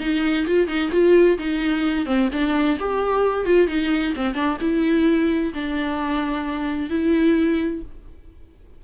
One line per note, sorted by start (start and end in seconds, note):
0.00 0.46 D#4
0.47 0.68 F4
0.68 0.91 D#4
0.92 1.38 F4
1.39 2.06 D#4
2.06 2.29 C4
2.32 2.78 D4
2.80 3.46 G4
3.46 3.68 F4
3.68 4.14 D#4
4.16 4.35 C4
4.35 4.58 D4
4.61 5.53 E4
5.54 6.90 D4
6.90 7.82 E4